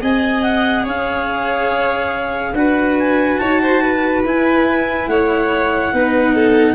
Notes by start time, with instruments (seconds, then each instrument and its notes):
0.00 tuba C4, cello G#4, violin D#5, clarinet G#5
0.42 clarinet F#5
0.83 tuba C#4, violin C#5, clarinet F5
2.53 tuba D4, cello F#4, violin B4, clarinet F#5
2.98 clarinet G#5
3.37 tuba D#4, violin C#5, clarinet A5
3.61 violin C5
3.82 violin B4
4.24 tuba E4, cello E4, clarinet G#5
5.07 tuba A3, violin C#5, clarinet F#5
5.93 tuba B3, cello D#4, violin B4
6.34 violin A4